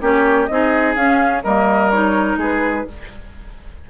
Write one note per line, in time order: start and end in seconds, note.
0.00 0.49 A#3
0.00 0.48 C#4
0.00 0.49 G4
0.00 0.46 C#5
0.46 0.96 C4
0.46 0.97 D#4
0.46 0.94 D#5
0.53 1.43 G#4
0.95 1.43 C#4
0.95 1.45 C#4
0.95 1.43 F5
1.43 2.37 G3
1.43 1.92 A#3
1.43 2.38 A#4
1.43 1.91 D#5
1.91 2.88 D#4
1.91 2.38 C#5
2.37 2.85 G#3
2.37 2.86 G#4
2.37 2.90 B4